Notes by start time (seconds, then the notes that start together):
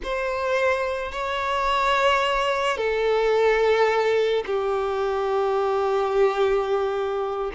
0.03 C5
1.12 C#5
2.77 A4
4.46 G4